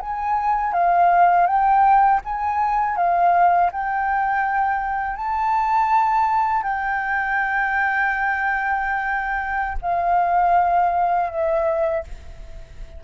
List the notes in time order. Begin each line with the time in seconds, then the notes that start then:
0.00 G#5
0.73 F5
1.46 G5
2.24 G#5
2.96 F5
3.72 G5
5.16 A5
6.63 G5
9.81 F5
11.30 E5